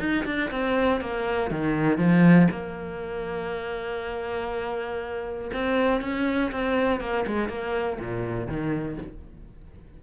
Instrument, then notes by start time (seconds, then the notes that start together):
cello
0.00 D#4
0.26 D4
0.51 C4
1.01 A#3
1.51 D#3
1.98 F3
2.51 A#3
5.54 C4
6.02 C#4
6.52 C4
7.01 A#3
7.27 G#3
7.49 A#3
8.00 A#2
8.48 D#3